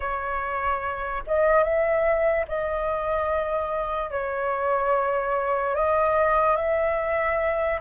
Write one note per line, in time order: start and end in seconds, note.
0.00 1.23 C#5
1.26 1.63 D#5
1.63 2.45 E5
2.47 4.10 D#5
4.10 5.75 C#5
5.75 6.56 D#5
6.56 7.79 E5